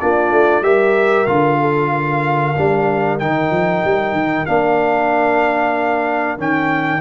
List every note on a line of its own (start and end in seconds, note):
0.00 0.31 A#3
0.00 0.64 D4
0.00 0.63 F4
0.00 0.63 D5
0.31 0.62 A3
0.62 1.25 G3
0.62 1.27 G4
0.62 1.59 A#4
0.62 1.26 E5
1.26 2.55 D3
1.26 2.55 F4
1.26 3.18 F5
1.61 1.91 A4
1.91 7.01 A#4
2.56 3.22 G3
2.56 3.19 D4
3.19 3.50 D#3
3.19 4.47 D#4
3.19 4.46 G5
3.50 3.82 F3
3.84 4.12 G3
4.12 4.44 D#3
4.46 6.38 A#3
4.46 6.38 D4
4.46 6.37 F5
6.38 7.01 D#3
6.38 7.01 C#4
6.38 7.01 G5